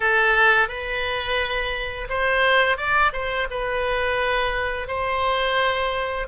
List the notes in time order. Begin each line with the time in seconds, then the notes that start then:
0.00 A4
0.68 B4
2.09 C5
2.77 D5
3.12 C5
3.50 B4
4.87 C5